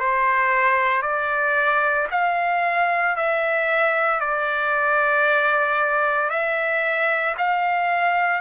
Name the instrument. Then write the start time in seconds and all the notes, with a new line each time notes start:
trumpet
0.00 C5
1.02 D5
2.11 F5
3.17 E5
4.21 D5
6.30 E5
7.38 F5